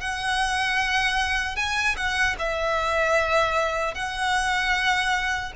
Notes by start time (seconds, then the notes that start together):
0.00 F#5
1.56 G#5
1.96 F#5
2.38 E5
3.94 F#5